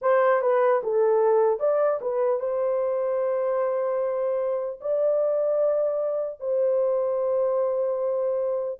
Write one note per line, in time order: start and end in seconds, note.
0.01 0.41 C5
0.41 0.81 B4
0.83 1.59 A4
1.59 1.99 D5
2.01 2.39 B4
2.39 4.79 C5
4.80 6.40 D5
6.40 8.79 C5